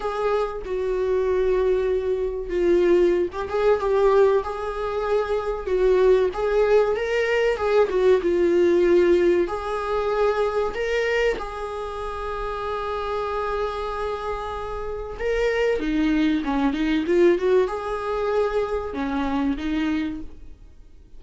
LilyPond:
\new Staff \with { instrumentName = "viola" } { \time 4/4 \tempo 4 = 95 gis'4 fis'2. | f'4~ f'16 g'16 gis'8 g'4 gis'4~ | gis'4 fis'4 gis'4 ais'4 | gis'8 fis'8 f'2 gis'4~ |
gis'4 ais'4 gis'2~ | gis'1 | ais'4 dis'4 cis'8 dis'8 f'8 fis'8 | gis'2 cis'4 dis'4 | }